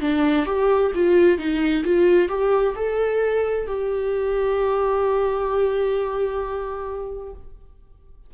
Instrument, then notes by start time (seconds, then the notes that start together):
viola
0.00 D4
0.45 G4
0.94 F4
1.38 D#4
1.84 F4
2.28 G4
2.75 A4
3.67 G4